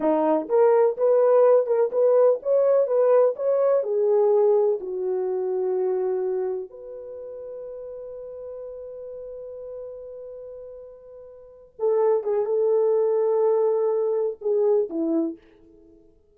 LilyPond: \new Staff \with { instrumentName = "horn" } { \time 4/4 \tempo 4 = 125 dis'4 ais'4 b'4. ais'8 | b'4 cis''4 b'4 cis''4 | gis'2 fis'2~ | fis'2 b'2~ |
b'1~ | b'1~ | b'8 a'4 gis'8 a'2~ | a'2 gis'4 e'4 | }